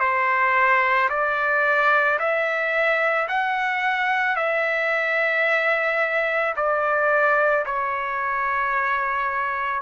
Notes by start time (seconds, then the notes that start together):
0.00 C5
1.10 D5
2.19 E5
3.28 F#5
4.36 E5
6.56 D5
7.66 C#5